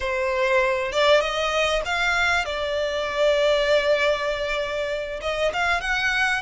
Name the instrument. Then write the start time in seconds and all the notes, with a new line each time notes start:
violin
0.00 C5
0.92 D5
1.21 D#5
1.85 F5
2.45 D5
5.21 D#5
5.53 F5
5.80 F#5